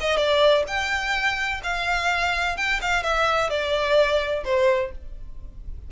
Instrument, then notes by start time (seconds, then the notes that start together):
violin
0.00 D#5
0.17 D5
0.67 G5
1.63 F5
2.57 G5
2.81 F5
3.03 E5
3.50 D5
4.44 C5